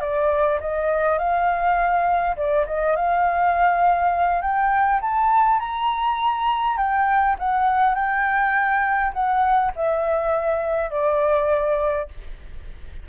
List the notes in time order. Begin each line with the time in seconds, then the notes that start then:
0.00 D5
0.60 D#5
1.18 F5
2.36 D5
2.66 D#5
2.95 F5
4.41 G5
5.01 A5
5.59 A#5
6.77 G5
7.39 F#5
7.94 G5
9.13 F#5
9.75 E5
10.90 D5